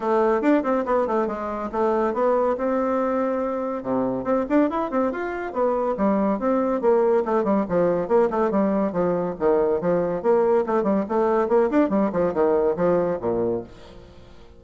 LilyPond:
\new Staff \with { instrumentName = "bassoon" } { \time 4/4 \tempo 4 = 141 a4 d'8 c'8 b8 a8 gis4 | a4 b4 c'2~ | c'4 c4 c'8 d'8 e'8 c'8 | f'4 b4 g4 c'4 |
ais4 a8 g8 f4 ais8 a8 | g4 f4 dis4 f4 | ais4 a8 g8 a4 ais8 d'8 | g8 f8 dis4 f4 ais,4 | }